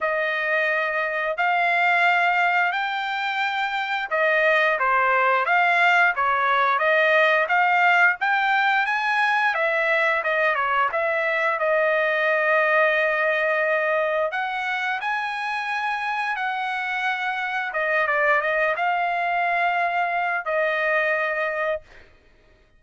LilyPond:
\new Staff \with { instrumentName = "trumpet" } { \time 4/4 \tempo 4 = 88 dis''2 f''2 | g''2 dis''4 c''4 | f''4 cis''4 dis''4 f''4 | g''4 gis''4 e''4 dis''8 cis''8 |
e''4 dis''2.~ | dis''4 fis''4 gis''2 | fis''2 dis''8 d''8 dis''8 f''8~ | f''2 dis''2 | }